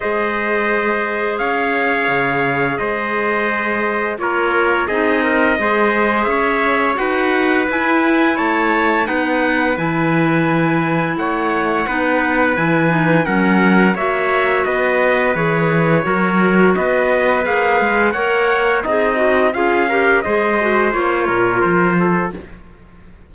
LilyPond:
<<
  \new Staff \with { instrumentName = "trumpet" } { \time 4/4 \tempo 4 = 86 dis''2 f''2 | dis''2 cis''4 dis''4~ | dis''4 e''4 fis''4 gis''4 | a''4 fis''4 gis''2 |
fis''2 gis''4 fis''4 | e''4 dis''4 cis''2 | dis''4 f''4 fis''4 dis''4 | f''4 dis''4 cis''4 c''4 | }
  \new Staff \with { instrumentName = "trumpet" } { \time 4/4 c''2 cis''2 | c''2 ais'4 gis'8 ais'8 | c''4 cis''4 b'2 | cis''4 b'2. |
cis''4 b'2 ais'4 | cis''4 b'2 ais'4 | b'2 cis''4 dis'4 | gis'8 ais'8 c''4. ais'4 a'8 | }
  \new Staff \with { instrumentName = "clarinet" } { \time 4/4 gis'1~ | gis'2 f'4 dis'4 | gis'2 fis'4 e'4~ | e'4 dis'4 e'2~ |
e'4 dis'4 e'8 dis'8 cis'4 | fis'2 gis'4 fis'4~ | fis'4 gis'4 ais'4 gis'8 fis'8 | f'8 g'8 gis'8 fis'8 f'2 | }
  \new Staff \with { instrumentName = "cello" } { \time 4/4 gis2 cis'4 cis4 | gis2 ais4 c'4 | gis4 cis'4 dis'4 e'4 | a4 b4 e2 |
a4 b4 e4 fis4 | ais4 b4 e4 fis4 | b4 ais8 gis8 ais4 c'4 | cis'4 gis4 ais8 ais,8 f4 | }
>>